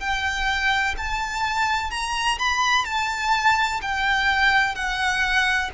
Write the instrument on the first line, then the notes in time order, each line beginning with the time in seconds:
violin
0.00 G5
0.98 A5
1.91 A#5
2.39 B5
2.86 A5
3.82 G5
4.75 F#5